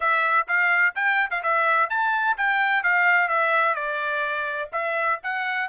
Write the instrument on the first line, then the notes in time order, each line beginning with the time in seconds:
trumpet
0.00 E5
0.47 F5
0.95 G5
1.30 F5
1.43 E5
1.89 A5
2.37 G5
2.83 F5
3.28 E5
3.74 D5
4.72 E5
5.23 F#5